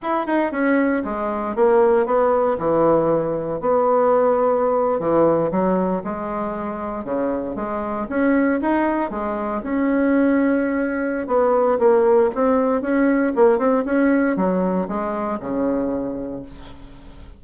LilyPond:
\new Staff \with { instrumentName = "bassoon" } { \time 4/4 \tempo 4 = 117 e'8 dis'8 cis'4 gis4 ais4 | b4 e2 b4~ | b4.~ b16 e4 fis4 gis16~ | gis4.~ gis16 cis4 gis4 cis'16~ |
cis'8. dis'4 gis4 cis'4~ cis'16~ | cis'2 b4 ais4 | c'4 cis'4 ais8 c'8 cis'4 | fis4 gis4 cis2 | }